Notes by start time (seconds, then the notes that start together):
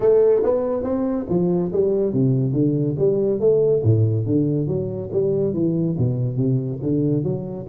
0.00 A3
0.43 B3
0.83 C4
1.29 F3
1.72 G3
2.12 C3
2.52 D3
2.98 G3
3.39 A3
3.83 A2
4.26 D3
4.67 F#3
5.12 G3
5.53 E3
5.97 B2
6.37 C3
6.82 D3
7.23 F#3